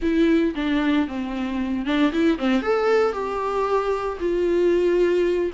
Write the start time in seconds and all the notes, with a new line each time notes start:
0.01 E4
0.55 D4
1.07 C4
1.85 D4
2.12 E4
2.38 C4
2.61 A4
3.12 G4
4.19 F4